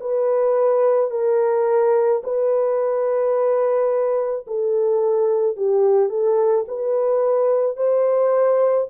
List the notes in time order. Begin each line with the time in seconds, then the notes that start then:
0.00 B4
1.11 A#4
2.23 B4
4.47 A4
5.57 G4
6.10 A4
6.68 B4
7.76 C5